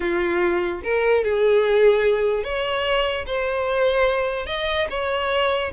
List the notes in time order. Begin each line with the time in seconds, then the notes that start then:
0.00 F4
0.83 A#4
1.24 G#4
2.43 C#5
3.26 C5
4.46 D#5
4.90 C#5